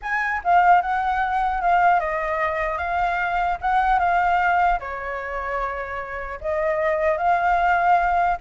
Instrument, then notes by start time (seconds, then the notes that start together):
flute
0.02 G#5
0.43 F5
0.81 F#5
1.61 F5
2.00 D#5
2.78 F5
3.61 F#5
3.99 F5
4.79 C#5
6.40 D#5
7.17 F5